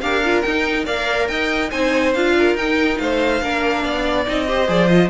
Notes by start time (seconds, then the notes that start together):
0.00 D4 G4 A#4 F5
0.24 F4
0.41 D#4 G5
0.85 A#3 A#4 D5 F5
1.27 D#4 D#5 G5
1.70 C4 D#4 C5 G#5
2.13 D4 F4 F5
2.38 A#4
2.54 D#4 G5
2.98 A3 C5 F5
3.41 A#3 D4 A#4
3.83 B3 D5
4.26 C4 D#4 D#5
4.47 G4 C5
4.67 F3 G#4 D5
4.87 F4 D#5